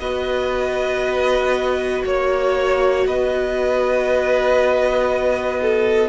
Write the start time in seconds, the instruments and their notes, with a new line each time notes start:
0.00 cello B3, viola F#4, violin B4 D#5
2.05 cello A#3, violin C#5
3.07 cello B3, violin B4 D#5
5.62 violin A4